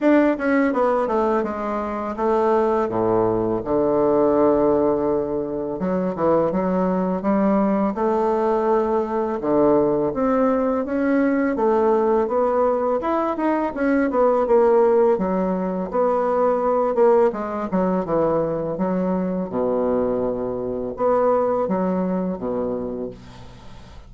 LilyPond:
\new Staff \with { instrumentName = "bassoon" } { \time 4/4 \tempo 4 = 83 d'8 cis'8 b8 a8 gis4 a4 | a,4 d2. | fis8 e8 fis4 g4 a4~ | a4 d4 c'4 cis'4 |
a4 b4 e'8 dis'8 cis'8 b8 | ais4 fis4 b4. ais8 | gis8 fis8 e4 fis4 b,4~ | b,4 b4 fis4 b,4 | }